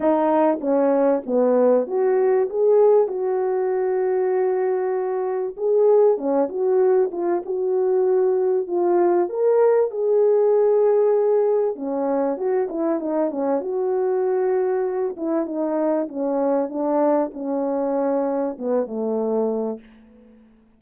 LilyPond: \new Staff \with { instrumentName = "horn" } { \time 4/4 \tempo 4 = 97 dis'4 cis'4 b4 fis'4 | gis'4 fis'2.~ | fis'4 gis'4 cis'8 fis'4 f'8 | fis'2 f'4 ais'4 |
gis'2. cis'4 | fis'8 e'8 dis'8 cis'8 fis'2~ | fis'8 e'8 dis'4 cis'4 d'4 | cis'2 b8 a4. | }